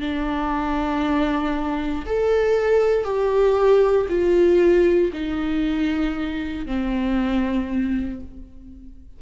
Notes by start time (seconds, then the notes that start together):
0.00 D4
2.06 A4
3.04 G4
4.09 F4
5.13 D#4
6.66 C4